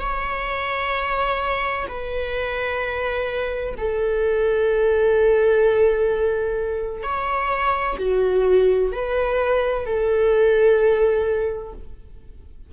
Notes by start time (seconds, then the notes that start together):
0.00 C#5
1.88 B4
3.78 A4
7.03 C#5
7.99 F#4
8.92 B4
9.86 A4